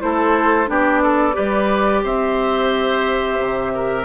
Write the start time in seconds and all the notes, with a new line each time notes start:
0.00 A3 E4 A4 C5
0.67 B3 D4 G4 D5
1.03 A4
1.33 G3 G4 B4
2.04 C4 C5 E5
3.39 C3
3.74 A#4